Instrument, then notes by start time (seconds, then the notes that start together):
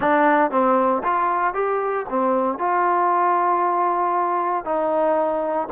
trombone
0.00 D4
0.50 C4
1.03 F4
1.54 G4
2.09 C4
2.58 F4
4.64 D#4